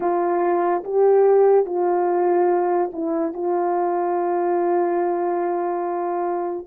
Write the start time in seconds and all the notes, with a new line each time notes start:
0.00 F4
0.84 G4
1.65 F4
2.92 E4
3.33 F4